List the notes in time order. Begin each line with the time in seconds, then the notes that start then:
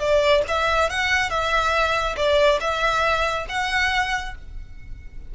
0.00 D5
0.49 E5
0.90 F#5
1.30 E5
2.17 D5
2.61 E5
3.49 F#5